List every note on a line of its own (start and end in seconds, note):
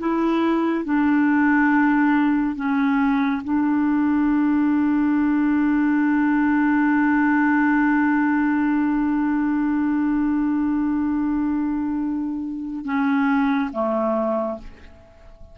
0.00 0.85 E4
0.85 2.56 D4
2.56 3.42 C#4
3.44 12.85 D4
12.85 13.71 C#4
13.73 14.59 A3